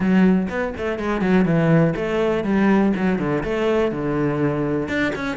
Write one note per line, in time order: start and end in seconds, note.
0.00 0.48 F#3
0.49 0.73 B3
0.77 0.98 A3
0.98 1.21 G#3
1.21 1.45 F#3
1.45 1.94 E3
1.95 2.44 A3
2.44 2.92 G3
2.96 3.18 F#3
3.18 3.43 D3
3.43 3.91 A3
3.91 4.88 D3
4.88 5.12 D4
5.15 5.37 C#4